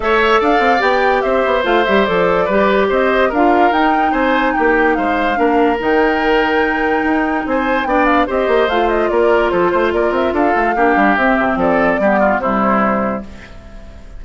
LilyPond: <<
  \new Staff \with { instrumentName = "flute" } { \time 4/4 \tempo 4 = 145 e''4 f''4 g''4 e''4 | f''8 e''8 d''2 dis''4 | f''4 g''4 gis''4 g''4 | f''2 g''2~ |
g''2 gis''4 g''8 f''8 | dis''4 f''8 dis''8 d''4 c''4 | d''8 e''8 f''2 e''4 | d''2 c''2 | }
  \new Staff \with { instrumentName = "oboe" } { \time 4/4 cis''4 d''2 c''4~ | c''2 b'4 c''4 | ais'2 c''4 g'4 | c''4 ais'2.~ |
ais'2 c''4 d''4 | c''2 ais'4 a'8 c''8 | ais'4 a'4 g'2 | a'4 g'8 f'8 e'2 | }
  \new Staff \with { instrumentName = "clarinet" } { \time 4/4 a'2 g'2 | f'8 g'8 a'4 g'2 | f'4 dis'2.~ | dis'4 d'4 dis'2~ |
dis'2. d'4 | g'4 f'2.~ | f'2 d'4 c'4~ | c'4 b4 g2 | }
  \new Staff \with { instrumentName = "bassoon" } { \time 4/4 a4 d'8 c'8 b4 c'8 b8 | a8 g8 f4 g4 c'4 | d'4 dis'4 c'4 ais4 | gis4 ais4 dis2~ |
dis4 dis'4 c'4 b4 | c'8 ais8 a4 ais4 f8 a8 | ais8 c'8 d'8 a8 ais8 g8 c'8 c8 | f4 g4 c2 | }
>>